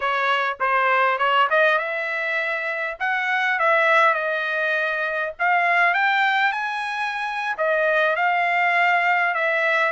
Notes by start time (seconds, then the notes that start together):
0.00 C#5
0.60 C5
1.18 C#5
1.50 D#5
1.78 E5
2.99 F#5
3.59 E5
4.13 D#5
5.39 F5
5.94 G5
6.52 G#5
7.57 D#5
8.15 F5
9.34 E5